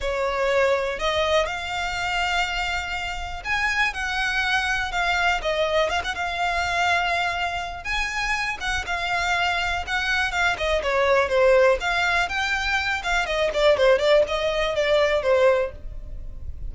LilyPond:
\new Staff \with { instrumentName = "violin" } { \time 4/4 \tempo 4 = 122 cis''2 dis''4 f''4~ | f''2. gis''4 | fis''2 f''4 dis''4 | f''16 fis''16 f''2.~ f''8 |
gis''4. fis''8 f''2 | fis''4 f''8 dis''8 cis''4 c''4 | f''4 g''4. f''8 dis''8 d''8 | c''8 d''8 dis''4 d''4 c''4 | }